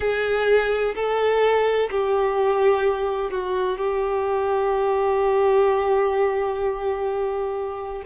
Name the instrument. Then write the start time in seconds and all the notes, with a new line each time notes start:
violin
0.00 G#4
0.95 A4
1.90 G4
3.30 F#4
3.78 G4